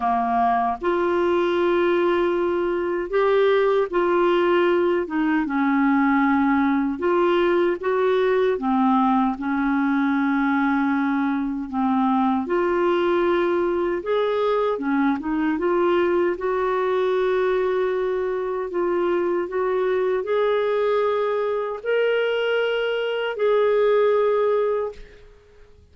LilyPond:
\new Staff \with { instrumentName = "clarinet" } { \time 4/4 \tempo 4 = 77 ais4 f'2. | g'4 f'4. dis'8 cis'4~ | cis'4 f'4 fis'4 c'4 | cis'2. c'4 |
f'2 gis'4 cis'8 dis'8 | f'4 fis'2. | f'4 fis'4 gis'2 | ais'2 gis'2 | }